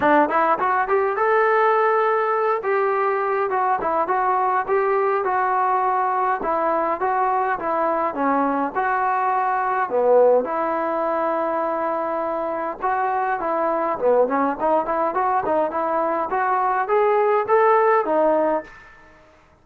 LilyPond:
\new Staff \with { instrumentName = "trombone" } { \time 4/4 \tempo 4 = 103 d'8 e'8 fis'8 g'8 a'2~ | a'8 g'4. fis'8 e'8 fis'4 | g'4 fis'2 e'4 | fis'4 e'4 cis'4 fis'4~ |
fis'4 b4 e'2~ | e'2 fis'4 e'4 | b8 cis'8 dis'8 e'8 fis'8 dis'8 e'4 | fis'4 gis'4 a'4 dis'4 | }